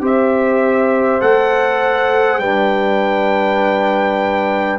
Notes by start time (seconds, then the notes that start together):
0.00 C4 G4 C5 E5
1.20 A3 A4 F#5
2.39 G3 D4 B4 G5